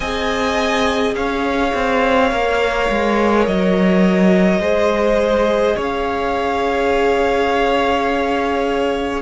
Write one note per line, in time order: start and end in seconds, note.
0.00 1.15 C4
0.00 2.32 G#4
0.00 1.15 D#5
0.00 1.14 G#5
1.15 1.73 C#4
1.15 4.61 C#5
1.15 3.46 F5
1.74 2.31 C4
2.31 2.89 A#3
2.31 4.62 A#4
2.89 3.47 G#3
3.46 4.59 F#3
3.46 5.77 D#5
4.59 5.75 G#3
4.59 9.22 G#4
4.59 5.76 C5
5.76 9.22 C#4
5.76 9.22 C#5
5.76 9.22 F5